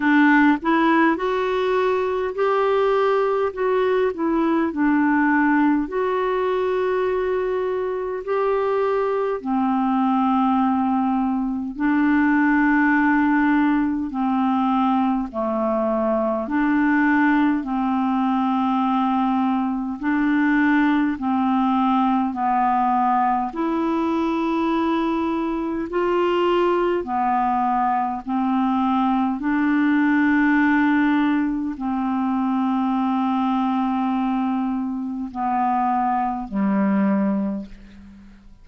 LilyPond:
\new Staff \with { instrumentName = "clarinet" } { \time 4/4 \tempo 4 = 51 d'8 e'8 fis'4 g'4 fis'8 e'8 | d'4 fis'2 g'4 | c'2 d'2 | c'4 a4 d'4 c'4~ |
c'4 d'4 c'4 b4 | e'2 f'4 b4 | c'4 d'2 c'4~ | c'2 b4 g4 | }